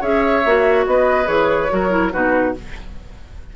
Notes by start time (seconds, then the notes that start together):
0.00 C#4 G#4 C#5 E5
0.45 A#3 F#4
0.86 B3 B4 D#5
1.25 E3 G#4 C#5
1.69 F#3 F#4 A#4
1.90 E4
2.12 B2 D#4 F#4 B4